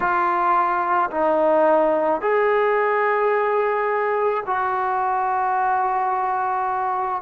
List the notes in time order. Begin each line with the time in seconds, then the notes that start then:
0.00 F4
1.10 D#4
2.21 G#4
4.46 F#4